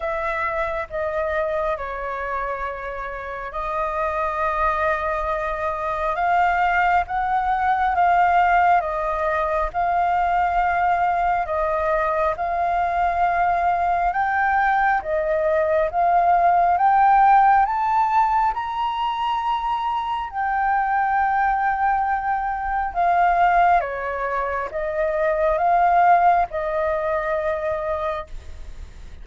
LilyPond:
\new Staff \with { instrumentName = "flute" } { \time 4/4 \tempo 4 = 68 e''4 dis''4 cis''2 | dis''2. f''4 | fis''4 f''4 dis''4 f''4~ | f''4 dis''4 f''2 |
g''4 dis''4 f''4 g''4 | a''4 ais''2 g''4~ | g''2 f''4 cis''4 | dis''4 f''4 dis''2 | }